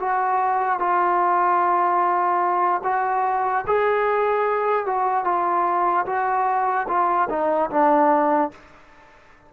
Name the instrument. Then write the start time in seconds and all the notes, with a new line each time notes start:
trombone
0.00 F#4
0.79 F4
2.84 F#4
3.67 G#4
4.86 F#4
5.25 F4
6.06 F#4
6.88 F4
7.30 D#4
7.71 D4